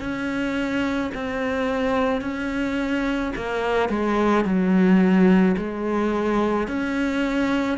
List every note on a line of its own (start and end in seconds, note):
0.00 1.11 C#4
1.14 2.21 C4
2.21 3.32 C#4
3.36 3.89 A#3
3.89 4.45 G#3
4.45 5.56 F#3
5.57 6.68 G#3
6.68 7.78 C#4